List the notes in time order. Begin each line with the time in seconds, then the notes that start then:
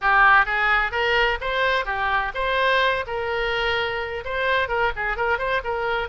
0.01 G4
0.45 G#4
0.91 A#4
1.41 C5
1.85 G4
2.34 C5
3.07 A#4
4.24 C5
4.68 A#4
4.96 G#4
5.16 A#4
5.38 C5
5.64 A#4